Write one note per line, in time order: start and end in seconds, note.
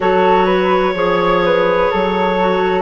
0.00 0.94 F#3
0.00 0.94 F#4
0.00 0.45 A4
0.00 2.81 C#5
0.45 0.93 B4
0.94 1.89 F3
0.94 2.37 G#4
0.94 1.43 C#5
1.44 1.90 B4
1.90 2.81 F#3
1.90 2.81 A4
2.40 2.81 F#4